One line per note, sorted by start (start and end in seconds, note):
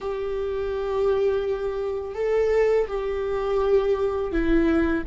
0.00 2.15 G4
2.15 2.87 A4
2.87 4.31 G4
4.31 5.04 E4